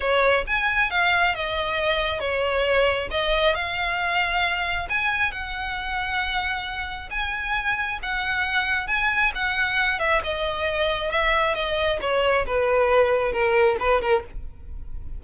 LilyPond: \new Staff \with { instrumentName = "violin" } { \time 4/4 \tempo 4 = 135 cis''4 gis''4 f''4 dis''4~ | dis''4 cis''2 dis''4 | f''2. gis''4 | fis''1 |
gis''2 fis''2 | gis''4 fis''4. e''8 dis''4~ | dis''4 e''4 dis''4 cis''4 | b'2 ais'4 b'8 ais'8 | }